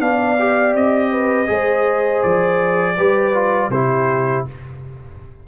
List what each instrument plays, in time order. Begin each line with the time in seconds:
0.00 tuba B3, trombone D4, horn D5, trumpet F5
0.39 trombone G4
0.74 tuba C4, trumpet D#5
1.12 horn B4
1.47 tuba G#3, trombone G#4, horn C5
2.23 tuba F3, trumpet D5
2.97 tuba G3, trombone G4, horn B4
3.34 trombone F4
3.69 tuba C3, trombone E4, horn G4, trumpet C5